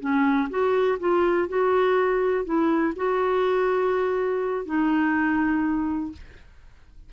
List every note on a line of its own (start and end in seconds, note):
0.00 0.49 C#4
0.50 0.99 F#4
1.00 1.48 F4
1.48 2.45 F#4
2.45 2.94 E4
2.96 4.66 F#4
4.66 6.12 D#4